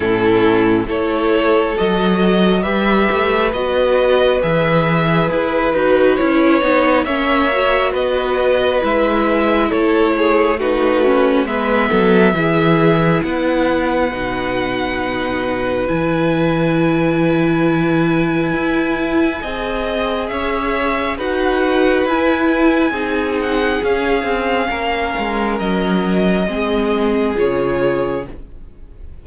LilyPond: <<
  \new Staff \with { instrumentName = "violin" } { \time 4/4 \tempo 4 = 68 a'4 cis''4 dis''4 e''4 | dis''4 e''4 b'4 cis''4 | e''4 dis''4 e''4 cis''4 | b'4 e''2 fis''4~ |
fis''2 gis''2~ | gis''2. e''4 | fis''4 gis''4. fis''8 f''4~ | f''4 dis''2 cis''4 | }
  \new Staff \with { instrumentName = "violin" } { \time 4/4 e'4 a'2 b'4~ | b'1 | cis''4 b'2 a'8 gis'8 | fis'4 b'8 a'8 gis'4 b'4~ |
b'1~ | b'2 dis''4 cis''4 | b'2 gis'2 | ais'2 gis'2 | }
  \new Staff \with { instrumentName = "viola" } { \time 4/4 cis'4 e'4 fis'4 g'4 | fis'4 gis'4. fis'8 e'8 dis'8 | cis'8 fis'4. e'2 | dis'8 cis'8 b4 e'2 |
dis'2 e'2~ | e'2 gis'2 | fis'4 e'4 dis'4 cis'4~ | cis'2 c'4 f'4 | }
  \new Staff \with { instrumentName = "cello" } { \time 4/4 a,4 a4 fis4 g8 a8 | b4 e4 e'8 dis'8 cis'8 b8 | ais4 b4 gis4 a4~ | a4 gis8 fis8 e4 b4 |
b,2 e2~ | e4 e'4 c'4 cis'4 | dis'4 e'4 c'4 cis'8 c'8 | ais8 gis8 fis4 gis4 cis4 | }
>>